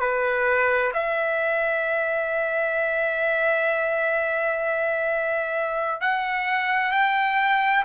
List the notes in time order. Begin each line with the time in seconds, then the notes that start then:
0.00 B4
0.94 E5
6.01 F#5
6.92 G5